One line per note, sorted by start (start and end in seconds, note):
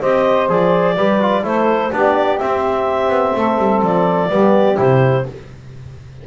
0.00 0.48 C4
0.00 0.49 G4
0.00 0.94 C5
0.00 0.48 D#5
0.48 0.96 F3
0.48 0.96 G#4
0.48 1.45 D5
0.94 1.43 G3
0.94 1.21 G4
0.94 1.42 B4
1.21 1.43 F4
1.43 1.91 A3
1.43 1.90 E4
1.43 1.91 A4
1.43 1.91 C5
1.91 2.39 B3
1.91 2.39 D4
1.91 3.35 G4
1.91 2.38 D5
2.38 4.29 C4
2.38 3.08 C4
2.38 3.81 E5
3.08 3.32 B3
3.35 3.58 A3
3.35 4.30 A4
3.58 3.81 G3
3.81 4.29 F3
3.81 4.78 D5
4.29 4.77 G3
4.29 4.75 B3
4.29 5.27 G4
4.75 5.25 C3
4.75 5.23 E4
4.75 5.26 C5